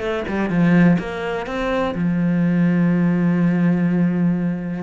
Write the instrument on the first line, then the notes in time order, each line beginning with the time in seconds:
cello
0.00 A3
0.29 G3
0.50 F3
0.99 A#3
1.47 C4
1.95 F3